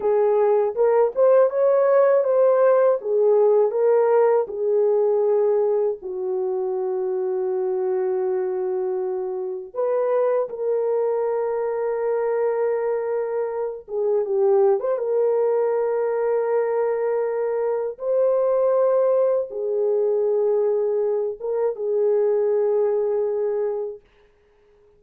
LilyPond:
\new Staff \with { instrumentName = "horn" } { \time 4/4 \tempo 4 = 80 gis'4 ais'8 c''8 cis''4 c''4 | gis'4 ais'4 gis'2 | fis'1~ | fis'4 b'4 ais'2~ |
ais'2~ ais'8 gis'8 g'8. c''16 | ais'1 | c''2 gis'2~ | gis'8 ais'8 gis'2. | }